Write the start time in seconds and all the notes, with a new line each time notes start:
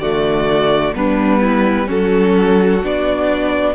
0.00 D3 A3 F#4 D5
0.95 G3 B3 D4 B4
1.41 E4
1.86 F#3 C#4 F#4 A4
2.84 B3 D4 D5